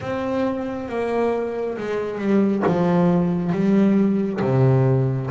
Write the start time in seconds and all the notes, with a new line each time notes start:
0.00 C4
0.88 A#3
1.77 G#3
2.18 G3
2.66 F3
3.52 G3
4.41 C3